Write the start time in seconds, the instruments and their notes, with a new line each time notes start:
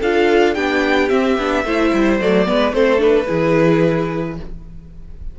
0.00 cello D4, viola F4, violin A4 F5
0.54 cello B3, viola D4, violin G4 G5
1.09 viola C4, cello C4, violin E5
1.38 cello B3, viola D4
1.64 cello A3, viola E4, violin C5
1.93 cello G3
2.20 cello F#3, viola A3, violin D5
2.45 cello G#3, viola B3, violin B4
2.73 cello A3, viola C4, violin A4 C5
2.98 viola D4, violin B4
3.27 cello E3, viola E4, violin G#4